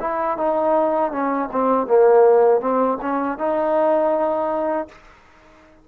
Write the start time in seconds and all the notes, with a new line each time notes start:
0.00 E4
0.38 D#4
1.12 C#4
1.52 C4
1.87 A#3
2.61 C4
3.02 C#4
3.38 D#4